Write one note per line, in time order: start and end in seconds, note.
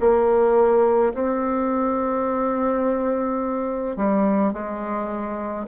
0.00 1.13 A#3
1.14 3.97 C4
3.97 4.53 G3
4.53 5.67 G#3